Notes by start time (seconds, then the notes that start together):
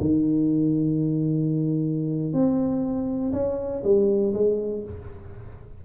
0.00 D#3
2.33 C4
3.32 C#4
3.83 G3
4.33 G#3